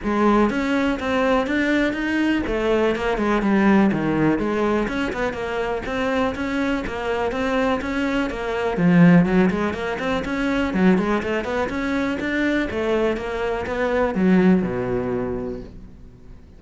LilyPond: \new Staff \with { instrumentName = "cello" } { \time 4/4 \tempo 4 = 123 gis4 cis'4 c'4 d'4 | dis'4 a4 ais8 gis8 g4 | dis4 gis4 cis'8 b8 ais4 | c'4 cis'4 ais4 c'4 |
cis'4 ais4 f4 fis8 gis8 | ais8 c'8 cis'4 fis8 gis8 a8 b8 | cis'4 d'4 a4 ais4 | b4 fis4 b,2 | }